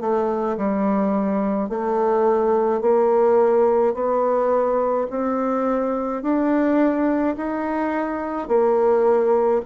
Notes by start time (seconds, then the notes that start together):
0.00 A3
0.57 G3
1.69 A3
2.81 A#3
3.94 B3
5.09 C4
6.22 D4
7.36 D#4
8.48 A#3